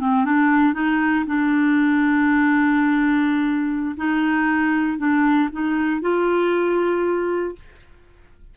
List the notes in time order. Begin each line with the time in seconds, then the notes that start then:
0.00 C4
0.25 D4
0.74 D#4
1.27 D4
3.97 D#4
4.98 D4
5.52 D#4
6.01 F4